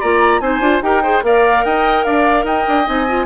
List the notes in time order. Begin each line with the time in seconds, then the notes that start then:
0.00 A#3 F4 D5 A#5
0.40 C4 D#4 C5 G#5
0.60 D4 F4
0.82 D#4 G4 A#4 G5
1.03 G#4 C5
1.23 A#3 A#4 D5 F5
1.65 D#4 D#5 G5
2.05 D4 D5 F5
2.44 D#4 D#5 G5
2.68 D4
2.86 C4 D#4 G#5
3.08 F4